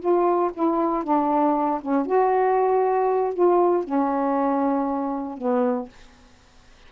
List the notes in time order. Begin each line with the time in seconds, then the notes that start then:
0.00 F4
0.54 E4
1.04 D4
1.81 C#4
2.06 F#4
3.34 F4
3.84 C#4
5.38 B3